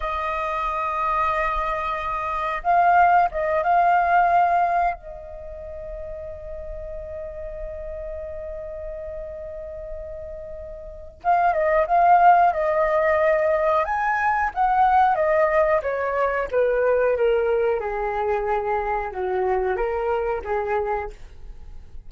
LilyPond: \new Staff \with { instrumentName = "flute" } { \time 4/4 \tempo 4 = 91 dis''1 | f''4 dis''8 f''2 dis''8~ | dis''1~ | dis''1~ |
dis''4 f''8 dis''8 f''4 dis''4~ | dis''4 gis''4 fis''4 dis''4 | cis''4 b'4 ais'4 gis'4~ | gis'4 fis'4 ais'4 gis'4 | }